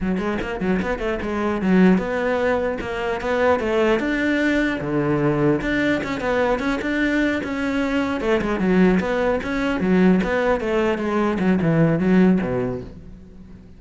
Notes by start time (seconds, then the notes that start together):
0.00 F#3
0.18 G#3
0.41 A#3
0.60 F#3
0.82 B3
0.98 A3
1.22 G#3
1.61 F#3
1.97 B3
2.80 A#3
3.20 B3
3.59 A3
3.99 D4
4.80 D3
5.61 D4
6.03 C#4
6.20 B3
6.59 C#4
6.81 D4
7.43 C#4
8.21 A3
8.41 G#3
8.59 F#3
9.00 B3
9.43 C#4
9.80 F#3
10.23 B3
10.60 A3
10.98 G#3
11.39 F#3
11.61 E3
11.99 F#3
12.41 B2